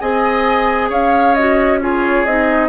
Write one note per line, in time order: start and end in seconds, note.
0.00 0.90 C4
0.00 1.35 G#4
0.00 0.89 D#5
0.00 0.90 G#5
0.89 2.24 C#4
0.89 1.79 C#5
0.89 1.35 F5
1.35 1.81 F#4
1.35 1.79 D#5
1.81 2.26 F4
1.81 2.68 G#4
1.81 2.25 C#5
2.25 2.68 C4
2.25 2.68 D#4
2.25 2.68 D#5